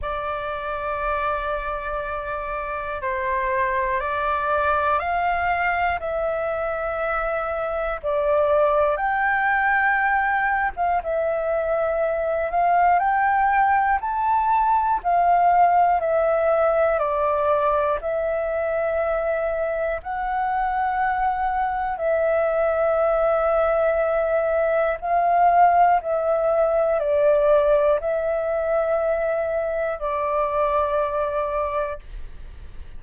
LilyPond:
\new Staff \with { instrumentName = "flute" } { \time 4/4 \tempo 4 = 60 d''2. c''4 | d''4 f''4 e''2 | d''4 g''4.~ g''16 f''16 e''4~ | e''8 f''8 g''4 a''4 f''4 |
e''4 d''4 e''2 | fis''2 e''2~ | e''4 f''4 e''4 d''4 | e''2 d''2 | }